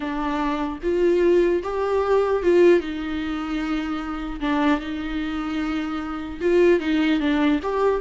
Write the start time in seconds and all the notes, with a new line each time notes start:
0.00 D4
0.82 F4
1.63 G4
2.42 F4
2.80 D#4
4.40 D4
4.79 D#4
6.41 F4
6.79 D#4
7.19 D4
7.62 G4